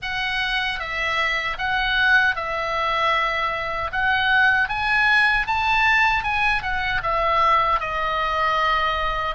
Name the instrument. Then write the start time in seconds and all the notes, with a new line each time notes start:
oboe
0.01 F#5
0.79 E5
1.58 F#5
2.35 E5
3.92 F#5
4.69 G#5
5.47 A5
6.23 G#5
6.62 F#5
7.02 E5
7.80 D#5